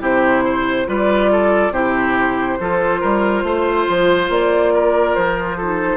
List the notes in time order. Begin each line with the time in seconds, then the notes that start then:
0.00 C3 E4 G4 C5
0.44 C5
0.86 G3 F4 B4 D5
1.32 A4
1.71 C3 E4 G4 C5
2.59 F3 F4 A4
3.00 G3 A#4
3.43 A3 C5
3.89 F3
4.29 A#3 D5
4.74 A#4
5.15 F3 C5
5.57 D#4 A4